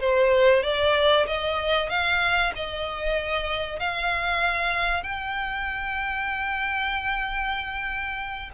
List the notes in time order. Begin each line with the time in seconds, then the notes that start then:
0.00 C5
0.63 D5
1.27 D#5
1.89 F5
2.55 D#5
3.80 F5
5.03 G5